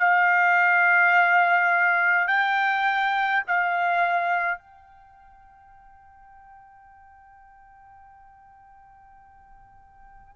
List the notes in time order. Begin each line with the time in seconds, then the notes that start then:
0.00 F5
2.28 G5
3.48 F5
4.59 G5